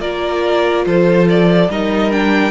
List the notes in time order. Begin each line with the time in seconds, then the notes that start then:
0.00 A#3 F4 A#4 D5
0.86 F3 A4 C5
1.29 D5
1.69 G3 D#4 A#4 D#5
2.11 D4 G5